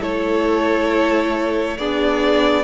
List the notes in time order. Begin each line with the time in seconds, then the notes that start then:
0.00 A3 E4 A4 C#5
1.77 B3 D4 G#4 D5